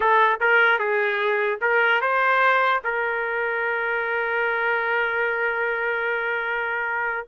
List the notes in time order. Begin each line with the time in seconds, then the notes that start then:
0.00 A4
0.40 A#4
0.78 G#4
1.61 A#4
2.01 C5
2.84 A#4